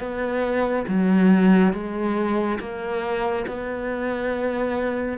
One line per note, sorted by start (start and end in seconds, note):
0.00 0.86 B3
0.88 1.73 F#3
1.73 2.59 G#3
2.60 3.46 A#3
3.48 5.19 B3